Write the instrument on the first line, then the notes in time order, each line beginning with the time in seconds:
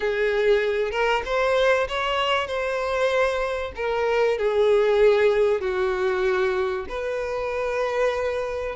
violin
0.00 G#4
0.91 A#4
1.25 C5
1.88 C#5
2.47 C5
3.75 A#4
4.38 G#4
5.61 F#4
6.89 B4